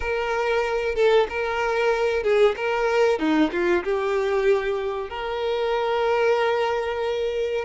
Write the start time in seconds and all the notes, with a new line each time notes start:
0.00 A#4
0.95 A4
1.29 A#4
2.23 G#4
2.56 A#4
3.19 D#4
3.51 F4
3.84 G4
5.09 A#4